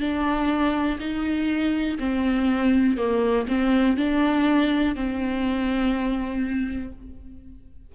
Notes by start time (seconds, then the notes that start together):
0.00 D4
1.00 D#4
1.99 C4
2.97 A#3
3.48 C4
3.97 D4
4.95 C4